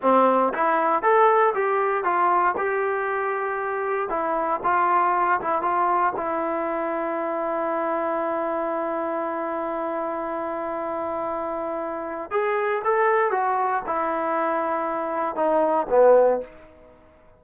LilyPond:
\new Staff \with { instrumentName = "trombone" } { \time 4/4 \tempo 4 = 117 c'4 e'4 a'4 g'4 | f'4 g'2. | e'4 f'4. e'8 f'4 | e'1~ |
e'1~ | e'1 | gis'4 a'4 fis'4 e'4~ | e'2 dis'4 b4 | }